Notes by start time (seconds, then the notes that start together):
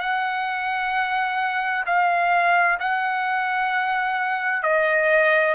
0.00 F#5
1.86 F5
2.80 F#5
4.63 D#5